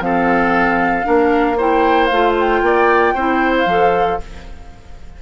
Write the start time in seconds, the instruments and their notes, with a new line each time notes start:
0.00 bassoon F3, clarinet C4, oboe A4, flute F5
1.04 bassoon A#3, clarinet D4, oboe A#4
1.58 clarinet E4, oboe C5, flute G5
2.06 bassoon A3, flute F5
2.12 clarinet F4
2.40 flute G5
2.62 bassoon A#3, oboe D5
3.15 bassoon C4, clarinet E4, oboe C5
3.57 flute F5
3.66 bassoon F3, clarinet A4